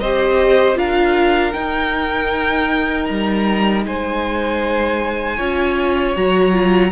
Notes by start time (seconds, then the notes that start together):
0.00 C4 G4 C5 D#5
0.75 D4 F4 A#4 F5
1.53 D#4 G5
3.05 G3 A#5
3.85 G#3 C5 G#5
5.36 C#4 F4 C#5
6.15 F#3 F#4 A#5
6.52 F4